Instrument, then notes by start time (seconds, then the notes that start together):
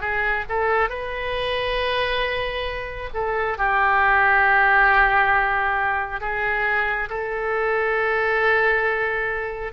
oboe
0.00 G#4
0.49 A4
0.89 B4
3.13 A4
3.58 G4
6.20 G#4
7.09 A4